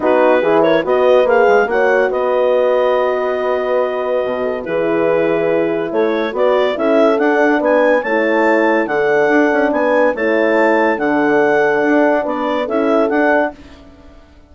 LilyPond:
<<
  \new Staff \with { instrumentName = "clarinet" } { \time 4/4 \tempo 4 = 142 b'4. cis''8 dis''4 f''4 | fis''4 dis''2.~ | dis''2. b'4~ | b'2 cis''4 d''4 |
e''4 fis''4 gis''4 a''4~ | a''4 fis''2 gis''4 | a''2 fis''2~ | fis''4 d''4 e''4 fis''4 | }
  \new Staff \with { instrumentName = "horn" } { \time 4/4 fis'4 gis'8 ais'8 b'2 | cis''4 b'2.~ | b'2~ b'8 a'8 gis'4~ | gis'2 a'4 b'4 |
a'2 b'4 cis''4~ | cis''4 a'2 b'4 | cis''2 a'2~ | a'4 b'4 a'2 | }
  \new Staff \with { instrumentName = "horn" } { \time 4/4 dis'4 e'4 fis'4 gis'4 | fis'1~ | fis'2. e'4~ | e'2. fis'4 |
e'4 d'2 e'4~ | e'4 d'2. | e'2 d'2~ | d'2 e'4 d'4 | }
  \new Staff \with { instrumentName = "bassoon" } { \time 4/4 b4 e4 b4 ais8 gis8 | ais4 b2.~ | b2 b,4 e4~ | e2 a4 b4 |
cis'4 d'4 b4 a4~ | a4 d4 d'8 cis'8 b4 | a2 d2 | d'4 b4 cis'4 d'4 | }
>>